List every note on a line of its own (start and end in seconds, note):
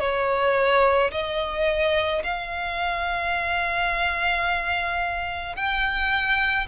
0.00 1.11 C#5
1.12 2.23 D#5
2.23 5.56 F5
5.56 6.67 G5